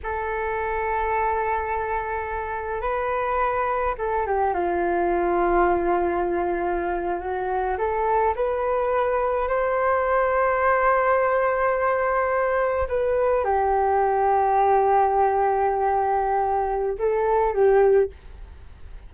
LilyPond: \new Staff \with { instrumentName = "flute" } { \time 4/4 \tempo 4 = 106 a'1~ | a'4 b'2 a'8 g'8 | f'1~ | f'8. fis'4 a'4 b'4~ b'16~ |
b'8. c''2.~ c''16~ | c''2~ c''8. b'4 g'16~ | g'1~ | g'2 a'4 g'4 | }